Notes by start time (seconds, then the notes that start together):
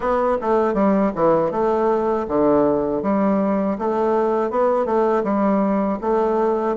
0.00 B3
0.41 A3
0.74 G3
1.15 E3
1.51 A3
2.27 D3
3.02 G3
3.78 A3
4.50 B3
4.85 A3
5.23 G3
6.01 A3